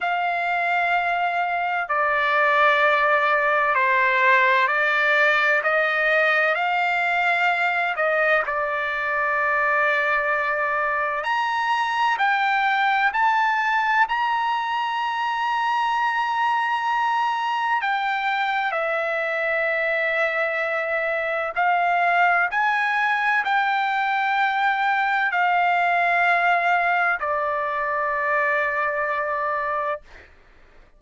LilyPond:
\new Staff \with { instrumentName = "trumpet" } { \time 4/4 \tempo 4 = 64 f''2 d''2 | c''4 d''4 dis''4 f''4~ | f''8 dis''8 d''2. | ais''4 g''4 a''4 ais''4~ |
ais''2. g''4 | e''2. f''4 | gis''4 g''2 f''4~ | f''4 d''2. | }